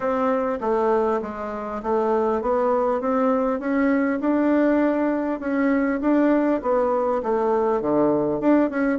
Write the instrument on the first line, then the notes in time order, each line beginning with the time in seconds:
bassoon
0.00 C4
0.61 A3
1.22 G#3
1.82 A3
2.41 B3
3.00 C4
3.59 C#4
4.20 D4
5.40 C#4
6.01 D4
6.62 B3
7.22 A3
7.81 D3
8.40 D4
8.69 C#4